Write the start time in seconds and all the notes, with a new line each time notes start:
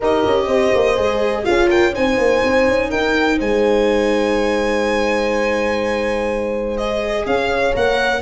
0.00 D#4 G4 A#4 D#5
0.25 C#4
0.47 C4 C5
0.74 A#3
0.96 G#3 G#4
1.44 C#4 F4 G#4 F5
1.68 A#4 G5
1.93 C4 D#4 C5 G#5
2.17 A#3
2.44 C4
2.67 C#4
2.90 D#4 A#4 G5
3.39 G#3 C5 G#5
6.77 G#4 D#5
7.25 C#4 C#5 F5
7.73 A#3 A#4 F#5